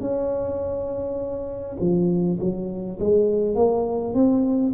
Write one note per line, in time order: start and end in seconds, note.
0.00 1.76 C#4
1.80 2.39 F3
2.40 2.98 F#3
2.99 3.55 G#3
3.55 4.13 A#3
4.13 4.72 C4